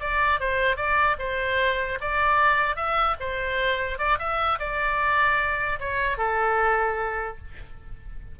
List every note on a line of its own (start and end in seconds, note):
0.00 0.40 D5
0.40 0.76 C5
0.76 1.16 D5
1.19 1.99 C5
2.01 2.76 D5
2.76 3.16 E5
3.20 3.98 C5
3.98 4.18 D5
4.19 4.59 E5
4.59 5.79 D5
5.80 6.18 C#5
6.18 7.38 A4